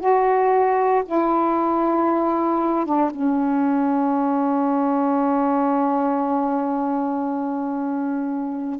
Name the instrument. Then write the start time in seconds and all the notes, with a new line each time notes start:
saxophone
0.00 F#4
1.06 E4
2.85 D4
3.10 C#4